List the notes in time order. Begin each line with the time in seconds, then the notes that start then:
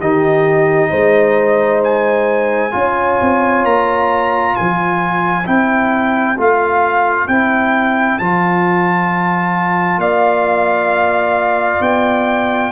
0.00 D#3 D#4 G4 D#5
0.90 G#3 C5
1.84 G#5
2.71 C#4 F4
2.78 C#5
3.21 C4
3.64 A#3 A#5
4.55 F3 C5 G#5
5.46 C4 E4 G5
6.38 A3 F4 F5
7.28 C4 E4 G5
8.19 F3 F4 A5
9.98 A#3 D5 F5
11.80 B3 G5